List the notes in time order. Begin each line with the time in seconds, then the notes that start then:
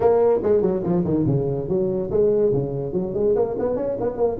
0.00 A#3
0.42 G#3
0.61 F#3
0.83 F3
1.04 D#3
1.26 C#3
1.68 F#3
2.10 G#3
2.52 C#3
2.93 F#3
3.14 G#3
3.35 A#3
3.58 B3
3.76 C#4
4.00 B3
4.17 A#3